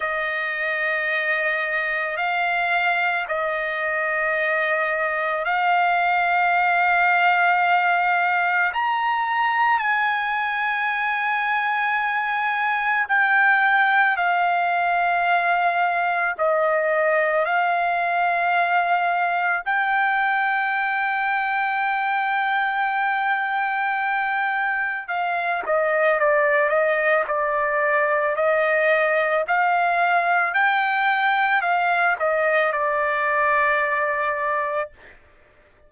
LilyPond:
\new Staff \with { instrumentName = "trumpet" } { \time 4/4 \tempo 4 = 55 dis''2 f''4 dis''4~ | dis''4 f''2. | ais''4 gis''2. | g''4 f''2 dis''4 |
f''2 g''2~ | g''2. f''8 dis''8 | d''8 dis''8 d''4 dis''4 f''4 | g''4 f''8 dis''8 d''2 | }